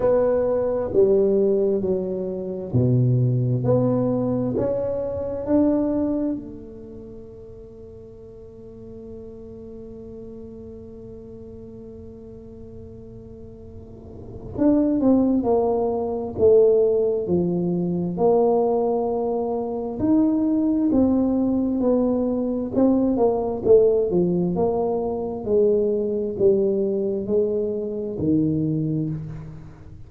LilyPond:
\new Staff \with { instrumentName = "tuba" } { \time 4/4 \tempo 4 = 66 b4 g4 fis4 b,4 | b4 cis'4 d'4 a4~ | a1~ | a1 |
d'8 c'8 ais4 a4 f4 | ais2 dis'4 c'4 | b4 c'8 ais8 a8 f8 ais4 | gis4 g4 gis4 dis4 | }